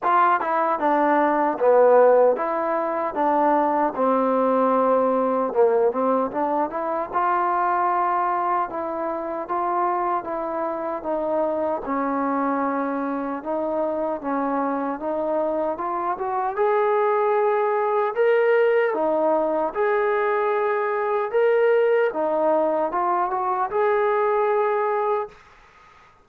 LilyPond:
\new Staff \with { instrumentName = "trombone" } { \time 4/4 \tempo 4 = 76 f'8 e'8 d'4 b4 e'4 | d'4 c'2 ais8 c'8 | d'8 e'8 f'2 e'4 | f'4 e'4 dis'4 cis'4~ |
cis'4 dis'4 cis'4 dis'4 | f'8 fis'8 gis'2 ais'4 | dis'4 gis'2 ais'4 | dis'4 f'8 fis'8 gis'2 | }